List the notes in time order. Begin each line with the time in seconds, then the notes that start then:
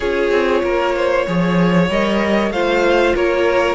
0.00 C#4 F4 G#4 C#5
0.31 C4
0.63 A#3 A#4
0.96 C5
1.26 F3 G#4 C#5
1.89 G3 A#4 D#5
2.50 A3 F4 C5 F5
3.15 A#3 A#4 C#5